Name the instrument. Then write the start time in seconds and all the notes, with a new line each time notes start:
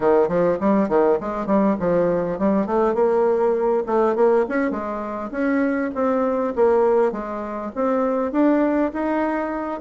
bassoon
0.00 D#3
0.28 F3
0.59 G3
0.88 D#3
1.20 G#3
1.46 G3
1.79 F3
2.38 G3
2.66 A3
2.94 A#3
3.86 A3
4.15 A#3
4.49 C#4
4.71 G#3
5.31 C#4
5.94 C4
6.55 A#3
7.12 G#3
7.75 C4
8.32 D4
8.93 D#4